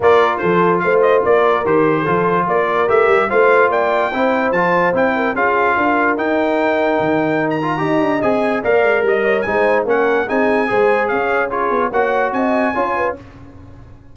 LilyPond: <<
  \new Staff \with { instrumentName = "trumpet" } { \time 4/4 \tempo 4 = 146 d''4 c''4 f''8 dis''8 d''4 | c''2 d''4 e''4 | f''4 g''2 a''4 | g''4 f''2 g''4~ |
g''2~ g''16 ais''4.~ ais''16 | gis''4 f''4 dis''4 gis''4 | fis''4 gis''2 f''4 | cis''4 fis''4 gis''2 | }
  \new Staff \with { instrumentName = "horn" } { \time 4/4 ais'4 a'4 c''4 ais'4~ | ais'4 a'4 ais'2 | c''4 d''4 c''2~ | c''8 ais'8 gis'4 ais'2~ |
ais'2. dis''4~ | dis''4 d''4 dis''8 cis''8 c''4 | ais'4 gis'4 c''4 cis''4 | gis'4 cis''4 dis''4 cis''8 b'8 | }
  \new Staff \with { instrumentName = "trombone" } { \time 4/4 f'1 | g'4 f'2 g'4 | f'2 e'4 f'4 | e'4 f'2 dis'4~ |
dis'2~ dis'8 f'8 g'4 | gis'4 ais'2 dis'4 | cis'4 dis'4 gis'2 | f'4 fis'2 f'4 | }
  \new Staff \with { instrumentName = "tuba" } { \time 4/4 ais4 f4 a4 ais4 | dis4 f4 ais4 a8 g8 | a4 ais4 c'4 f4 | c'4 cis'4 d'4 dis'4~ |
dis'4 dis2 dis'8 d'8 | c'4 ais8 gis8 g4 gis4 | ais4 c'4 gis4 cis'4~ | cis'8 b8 ais4 c'4 cis'4 | }
>>